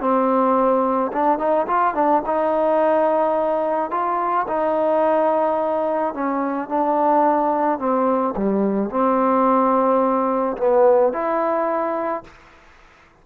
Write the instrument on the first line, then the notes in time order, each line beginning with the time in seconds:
trombone
0.00 C4
1.12 D4
1.38 D#4
1.67 F4
1.94 D4
2.26 D#4
3.90 F4
4.47 D#4
6.13 C#4
6.68 D4
7.78 C4
8.36 G3
8.90 C4
10.57 B3
11.12 E4